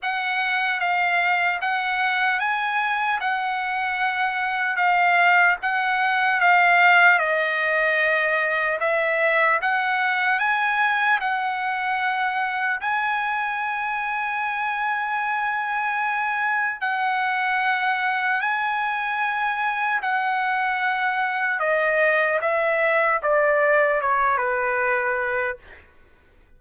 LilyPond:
\new Staff \with { instrumentName = "trumpet" } { \time 4/4 \tempo 4 = 75 fis''4 f''4 fis''4 gis''4 | fis''2 f''4 fis''4 | f''4 dis''2 e''4 | fis''4 gis''4 fis''2 |
gis''1~ | gis''4 fis''2 gis''4~ | gis''4 fis''2 dis''4 | e''4 d''4 cis''8 b'4. | }